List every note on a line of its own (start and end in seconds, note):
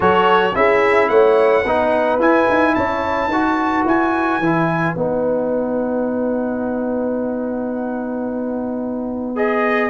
0.00 0.55 F#3
0.00 0.51 F#4
0.00 0.55 A4
0.00 0.55 C#5
0.55 1.09 C#4
0.55 1.65 E4
0.55 1.09 G#4
0.55 1.08 E5
1.08 1.64 A3
1.08 1.62 C#5
1.08 2.18 F#5
1.62 2.19 B3
1.62 2.19 D#4
1.62 2.72 B4
2.19 2.47 E4
2.19 3.30 E4
2.19 2.74 G#5
2.49 2.77 D#4
2.74 3.27 C#4
2.74 3.28 C#5
2.74 3.84 A5
3.27 3.82 D#4
3.27 4.42 F#4
3.27 9.89 B4
3.85 4.39 E4
3.85 4.96 G#5
4.39 4.94 E3
4.39 4.96 E4
4.95 9.89 B3
4.95 9.35 D#4
4.95 9.36 F#5
9.35 9.89 G#4
9.35 9.89 D#5